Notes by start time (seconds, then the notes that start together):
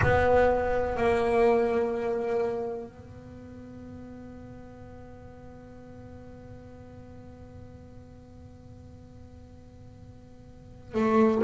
0.02 B3
0.96 A#3
2.86 B3
10.94 A3